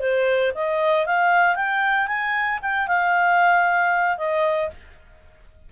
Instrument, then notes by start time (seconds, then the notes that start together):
clarinet
0.00 C5
0.55 D#5
1.06 F5
1.56 G5
2.07 G#5
2.62 G5
2.88 F5
4.18 D#5